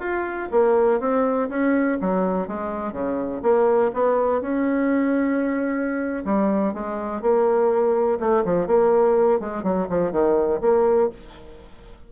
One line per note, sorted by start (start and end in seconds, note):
0.00 0.49 F4
0.51 1.00 A#3
1.00 1.49 C4
1.50 1.98 C#4
2.01 2.48 F#3
2.48 2.93 G#3
2.93 3.42 C#3
3.43 3.91 A#3
3.94 4.41 B3
4.41 6.24 C#4
6.25 6.74 G3
6.74 7.22 G#3
7.22 8.19 A#3
8.20 8.44 A3
8.45 8.67 F3
8.67 9.40 A#3
9.41 9.64 G#3
9.64 9.88 F#3
9.90 10.12 F3
10.12 10.61 D#3
10.61 11.10 A#3